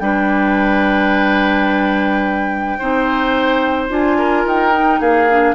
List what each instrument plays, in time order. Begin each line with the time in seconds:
0.00 bassoon G3, clarinet D4, oboe B4, flute G5
2.79 bassoon C4, clarinet D#4, oboe C5
3.90 bassoon D4, clarinet F4, flute G#5
4.19 oboe A#4
4.45 bassoon D#4, flute G5
4.73 clarinet D#4
5.00 bassoon A#3, oboe G#4, flute F5
5.29 clarinet D4